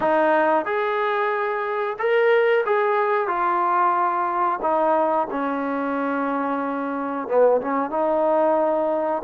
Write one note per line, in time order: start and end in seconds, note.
0.00 0.65 D#4
0.65 1.97 G#4
1.98 2.64 A#4
2.65 3.27 G#4
3.27 4.59 F4
4.62 5.27 D#4
5.30 7.27 C#4
7.27 7.60 B3
7.61 7.90 C#4
7.90 9.22 D#4